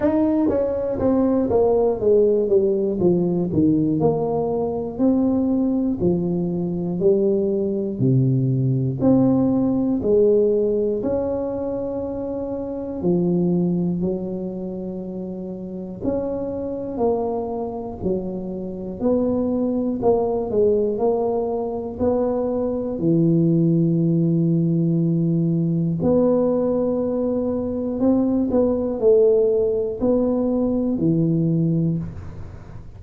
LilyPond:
\new Staff \with { instrumentName = "tuba" } { \time 4/4 \tempo 4 = 60 dis'8 cis'8 c'8 ais8 gis8 g8 f8 dis8 | ais4 c'4 f4 g4 | c4 c'4 gis4 cis'4~ | cis'4 f4 fis2 |
cis'4 ais4 fis4 b4 | ais8 gis8 ais4 b4 e4~ | e2 b2 | c'8 b8 a4 b4 e4 | }